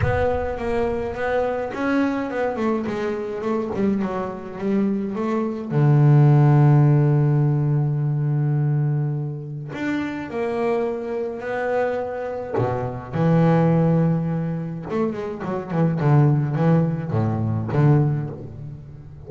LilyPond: \new Staff \with { instrumentName = "double bass" } { \time 4/4 \tempo 4 = 105 b4 ais4 b4 cis'4 | b8 a8 gis4 a8 g8 fis4 | g4 a4 d2~ | d1~ |
d4 d'4 ais2 | b2 b,4 e4~ | e2 a8 gis8 fis8 e8 | d4 e4 a,4 d4 | }